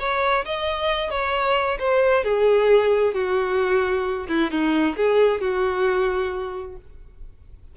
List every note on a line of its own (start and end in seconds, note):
0.00 0.45 C#5
0.46 1.11 D#5
1.11 1.78 C#5
1.79 2.25 C5
2.25 3.15 G#4
3.15 4.27 F#4
4.29 4.51 E4
4.51 4.96 D#4
4.97 5.41 G#4
5.41 6.77 F#4